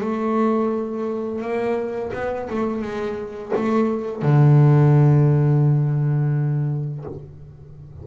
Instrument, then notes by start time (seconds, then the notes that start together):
double bass
0.00 A3
1.41 A#3
2.13 B3
2.50 A3
2.81 G#3
3.55 A3
4.22 D3